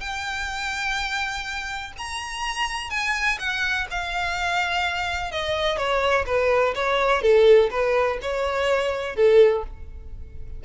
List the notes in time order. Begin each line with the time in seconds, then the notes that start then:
0.00 G5
1.98 A#5
2.90 G#5
3.39 F#5
3.91 F5
5.32 D#5
5.77 C#5
6.26 B4
6.75 C#5
7.22 A4
7.71 B4
8.22 C#5
9.16 A4